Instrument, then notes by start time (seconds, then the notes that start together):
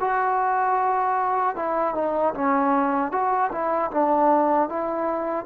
trombone
0.00 F#4
1.55 E4
1.94 D#4
2.34 C#4
3.12 F#4
3.51 E4
3.91 D4
4.69 E4